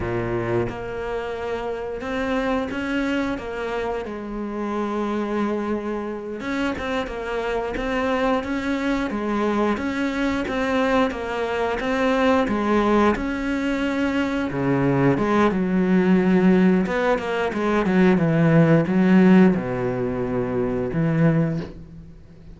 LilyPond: \new Staff \with { instrumentName = "cello" } { \time 4/4 \tempo 4 = 89 ais,4 ais2 c'4 | cis'4 ais4 gis2~ | gis4. cis'8 c'8 ais4 c'8~ | c'8 cis'4 gis4 cis'4 c'8~ |
c'8 ais4 c'4 gis4 cis'8~ | cis'4. cis4 gis8 fis4~ | fis4 b8 ais8 gis8 fis8 e4 | fis4 b,2 e4 | }